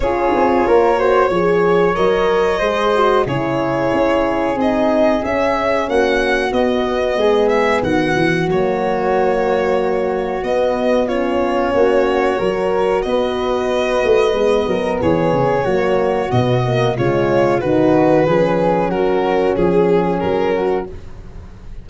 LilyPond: <<
  \new Staff \with { instrumentName = "violin" } { \time 4/4 \tempo 4 = 92 cis''2. dis''4~ | dis''4 cis''2 dis''4 | e''4 fis''4 dis''4. e''8 | fis''4 cis''2. |
dis''4 cis''2. | dis''2. cis''4~ | cis''4 dis''4 cis''4 b'4~ | b'4 ais'4 gis'4 ais'4 | }
  \new Staff \with { instrumentName = "flute" } { \time 4/4 gis'4 ais'8 c''8 cis''2 | c''4 gis'2.~ | gis'4 fis'2 gis'4 | fis'1~ |
fis'4 f'4 fis'4 ais'4 | b'2~ b'8 ais'8 gis'4 | fis'2 f'4 fis'4 | gis'4 fis'4 gis'4. fis'8 | }
  \new Staff \with { instrumentName = "horn" } { \time 4/4 f'4. fis'8 gis'4 ais'4 | gis'8 fis'8 e'2 dis'4 | cis'2 b2~ | b4 ais2. |
b4 cis'2 fis'4~ | fis'2 b2 | ais4 b8 ais8 gis4 dis'4 | cis'1 | }
  \new Staff \with { instrumentName = "tuba" } { \time 4/4 cis'8 c'8 ais4 f4 fis4 | gis4 cis4 cis'4 c'4 | cis'4 ais4 b4 gis4 | dis8 e8 fis2. |
b2 ais4 fis4 | b4. a8 gis8 fis8 e8 cis8 | fis4 b,4 cis4 dis4 | f4 fis4 f4 fis4 | }
>>